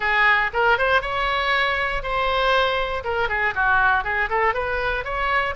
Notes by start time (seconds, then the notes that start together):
0.00 G#4
0.53 A#4
0.77 C5
1.01 C#5
2.03 C5
3.04 A#4
3.29 G#4
3.54 F#4
4.04 G#4
4.29 A4
4.54 B4
5.04 C#5